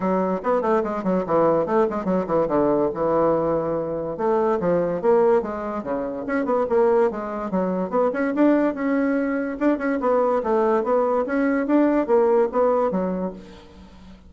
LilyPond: \new Staff \with { instrumentName = "bassoon" } { \time 4/4 \tempo 4 = 144 fis4 b8 a8 gis8 fis8 e4 | a8 gis8 fis8 e8 d4 e4~ | e2 a4 f4 | ais4 gis4 cis4 cis'8 b8 |
ais4 gis4 fis4 b8 cis'8 | d'4 cis'2 d'8 cis'8 | b4 a4 b4 cis'4 | d'4 ais4 b4 fis4 | }